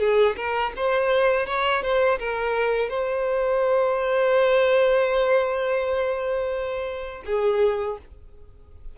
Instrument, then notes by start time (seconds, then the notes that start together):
violin
0.00 G#4
0.37 A#4
0.77 C5
1.47 C#5
1.83 C5
2.19 A#4
2.90 C5
7.26 G#4